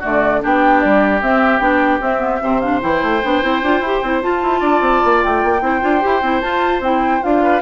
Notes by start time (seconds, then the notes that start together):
0.00 D3 A3 F#4 D5
0.41 B3 D4 G4 G5
0.81 G3 D5
1.22 C4 E5
1.59 B3 D4 G5
2.01 C4 E5
2.20 B3
2.41 C3 C4 C5
2.60 D4 F5
2.81 E3 E4 G5
3.03 A3
3.24 B3 D4
3.42 C4 E4
3.63 D4 F4
3.81 E4 G4
4.03 C4 E4
4.23 F4 A5
4.43 E4
4.60 D4 D5
4.81 C4
5.05 A#3
5.23 A3 G5
5.44 A#3
5.61 C4 E4 C5
5.81 D4 F4
6.01 E4 G4
6.22 C4 E4
6.41 F4 A5
6.80 C4 E4 G5
7.22 D4 F4 F5
7.43 B4